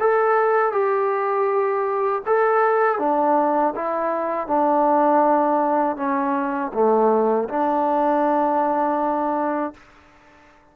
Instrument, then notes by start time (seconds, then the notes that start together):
trombone
0.00 A4
0.72 G4
2.26 A4
2.99 D4
3.76 E4
4.48 D4
5.97 C#4
6.74 A3
7.49 D4